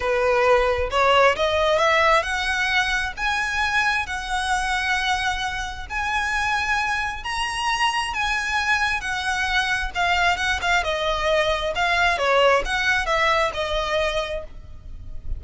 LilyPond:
\new Staff \with { instrumentName = "violin" } { \time 4/4 \tempo 4 = 133 b'2 cis''4 dis''4 | e''4 fis''2 gis''4~ | gis''4 fis''2.~ | fis''4 gis''2. |
ais''2 gis''2 | fis''2 f''4 fis''8 f''8 | dis''2 f''4 cis''4 | fis''4 e''4 dis''2 | }